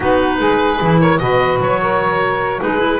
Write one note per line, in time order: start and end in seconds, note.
0.00 0.39 B3
0.00 0.78 D#4
0.00 0.37 F#4
0.00 1.01 B4
0.40 0.80 G#3
0.40 1.00 G#4
0.81 1.20 E3
0.81 1.20 E4
1.00 1.20 A#4
1.00 1.18 C#5
1.18 1.59 B2
1.18 2.59 F#4
1.18 1.81 B4
1.18 1.58 D#5
1.59 2.59 F#3
1.59 2.61 C#5
1.81 2.61 A#4
2.59 2.99 G#3
2.59 2.78 D#4
2.59 2.99 G#4
2.59 2.99 B4
2.78 2.98 E4